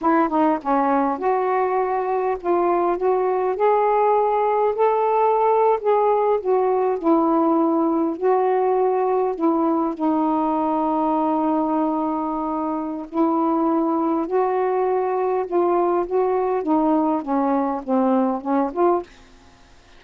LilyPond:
\new Staff \with { instrumentName = "saxophone" } { \time 4/4 \tempo 4 = 101 e'8 dis'8 cis'4 fis'2 | f'4 fis'4 gis'2 | a'4.~ a'16 gis'4 fis'4 e'16~ | e'4.~ e'16 fis'2 e'16~ |
e'8. dis'2.~ dis'16~ | dis'2 e'2 | fis'2 f'4 fis'4 | dis'4 cis'4 c'4 cis'8 f'8 | }